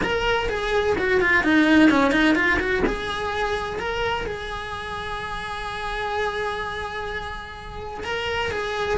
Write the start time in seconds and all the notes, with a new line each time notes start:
0.02 A#4
0.49 G#4
0.98 F#4
1.20 F4
1.43 D#4
1.89 C#4
2.11 D#4
2.35 F4
2.59 F#4
2.86 G#4
3.79 A#4
4.26 G#4
8.04 A#4
8.51 G#4